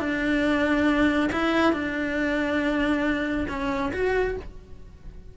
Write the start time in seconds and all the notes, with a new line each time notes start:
0.00 D4
1.33 E4
1.73 D4
3.49 C#4
3.93 F#4